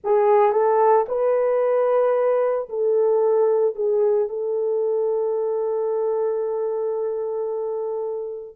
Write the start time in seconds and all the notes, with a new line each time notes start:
0.03 G#4
0.52 A4
1.08 B4
2.69 A4
3.75 G#4
4.29 A4